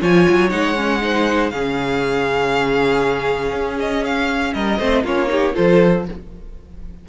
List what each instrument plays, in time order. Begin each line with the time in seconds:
0.00 cello F3, viola F4, violin C#5 G#5
0.29 cello F#3
0.49 cello G#3, viola D#4, violin F#5
0.75 viola C#4
1.01 viola D#4, violin C5
1.50 cello C#3, viola C#4, violin G#4 F5
3.52 cello C#4
3.79 violin D#5
4.05 violin F5
4.53 cello G3, violin A#4 D#5
4.79 cello A3, viola C4, violin C5
5.03 cello A#3, viola C#4, violin F4 C#5
5.28 viola D#4, violin G4
5.53 cello F3, viola F4, violin A4 C5